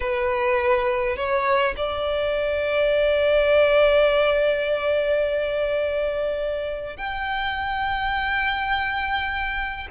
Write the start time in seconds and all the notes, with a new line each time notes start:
0.00 B4
1.16 C#5
1.76 D5
6.96 G5